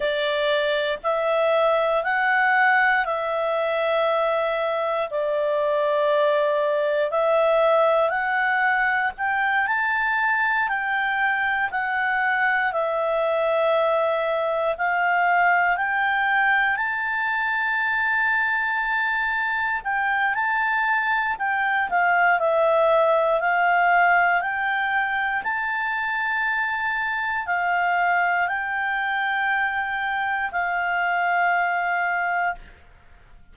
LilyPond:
\new Staff \with { instrumentName = "clarinet" } { \time 4/4 \tempo 4 = 59 d''4 e''4 fis''4 e''4~ | e''4 d''2 e''4 | fis''4 g''8 a''4 g''4 fis''8~ | fis''8 e''2 f''4 g''8~ |
g''8 a''2. g''8 | a''4 g''8 f''8 e''4 f''4 | g''4 a''2 f''4 | g''2 f''2 | }